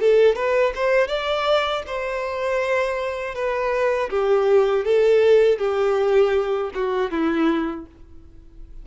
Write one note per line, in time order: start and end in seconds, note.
0.00 0.35 A4
0.35 0.73 B4
0.75 1.08 C5
1.08 1.83 D5
1.87 3.35 C5
3.35 4.10 B4
4.10 4.85 G4
4.85 5.58 A4
5.58 6.71 G4
6.74 7.11 F#4
7.11 7.86 E4